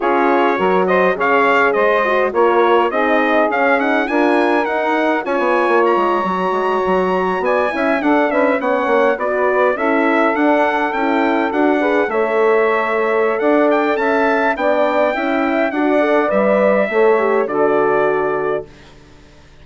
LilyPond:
<<
  \new Staff \with { instrumentName = "trumpet" } { \time 4/4 \tempo 4 = 103 cis''4. dis''8 f''4 dis''4 | cis''4 dis''4 f''8 fis''8 gis''4 | fis''4 gis''4 ais''2~ | ais''8. gis''4 fis''8 e''8 fis''4 d''16~ |
d''8. e''4 fis''4 g''4 fis''16~ | fis''8. e''2~ e''16 fis''8 g''8 | a''4 g''2 fis''4 | e''2 d''2 | }
  \new Staff \with { instrumentName = "saxophone" } { \time 4/4 gis'4 ais'8 c''8 cis''4 c''4 | ais'4 gis'2 ais'4~ | ais'4 cis''2.~ | cis''8. d''8 e''8 a'8 b'8 cis''4 b'16~ |
b'8. a'2.~ a'16~ | a'16 b'8 cis''2~ cis''16 d''4 | e''4 d''4 e''4 d''4~ | d''4 cis''4 a'2 | }
  \new Staff \with { instrumentName = "horn" } { \time 4/4 f'4 fis'4 gis'4. fis'8 | f'4 dis'4 cis'8 dis'8 f'4 | dis'4 f'4.~ f'16 fis'4~ fis'16~ | fis'4~ fis'16 e'8 d'4 cis'4 fis'16~ |
fis'8. e'4 d'4 e'4 fis'16~ | fis'16 gis'8 a'2.~ a'16~ | a'4 d'4 e'4 fis'8 a'8 | b'4 a'8 g'8 fis'2 | }
  \new Staff \with { instrumentName = "bassoon" } { \time 4/4 cis'4 fis4 cis4 gis4 | ais4 c'4 cis'4 d'4 | dis'4 cis'16 b8 ais8 gis8 fis8 gis8 fis16~ | fis8. b8 cis'8 d'8 cis'8 b8 ais8 b16~ |
b8. cis'4 d'4 cis'4 d'16~ | d'8. a2~ a16 d'4 | cis'4 b4 cis'4 d'4 | g4 a4 d2 | }
>>